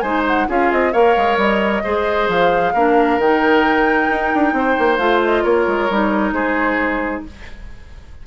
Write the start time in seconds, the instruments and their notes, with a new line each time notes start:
0.00 bassoon G#3, clarinet D#4, oboe C5, flute G#5
0.27 flute F#5
0.48 bassoon C#4, clarinet F4, oboe G#4, flute F5
0.72 bassoon C4, flute D#5
0.93 bassoon A#3, clarinet A#4, oboe C#5, flute F5
1.17 bassoon G#3
1.37 bassoon G3, flute D#5
1.84 bassoon G#3, clarinet G#4, oboe C5
2.28 bassoon F3, flute F5
2.74 bassoon A#3, clarinet D4, oboe A#4
3.18 bassoon D#3, clarinet D#4, flute G5
4.11 bassoon D#4
4.35 bassoon D4
4.53 bassoon C4, oboe C5
4.79 bassoon A#3
4.98 bassoon A3, clarinet F4, flute F5
5.25 flute D#5
5.44 bassoon A#3, oboe A#4, flute C#5
5.67 bassoon G#3
5.90 bassoon G3, clarinet D#4
6.33 bassoon G#3, oboe G#4, flute C5